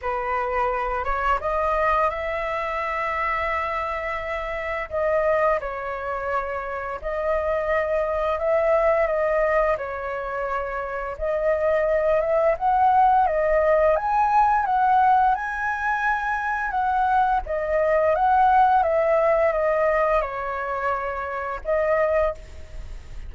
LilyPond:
\new Staff \with { instrumentName = "flute" } { \time 4/4 \tempo 4 = 86 b'4. cis''8 dis''4 e''4~ | e''2. dis''4 | cis''2 dis''2 | e''4 dis''4 cis''2 |
dis''4. e''8 fis''4 dis''4 | gis''4 fis''4 gis''2 | fis''4 dis''4 fis''4 e''4 | dis''4 cis''2 dis''4 | }